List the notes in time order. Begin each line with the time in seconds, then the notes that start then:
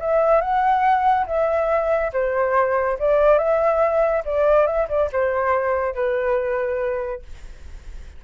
0.00 E5
0.41 F#5
1.27 E5
2.13 C5
2.99 D5
3.38 E5
4.25 D5
4.67 E5
4.89 D5
5.12 C5
5.95 B4